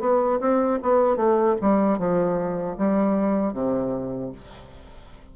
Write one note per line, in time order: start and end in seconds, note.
0.00 0.39 B3
0.40 0.79 C4
0.82 1.16 B3
1.16 1.56 A3
1.61 1.98 G3
1.98 2.77 F3
2.77 3.53 G3
3.53 4.32 C3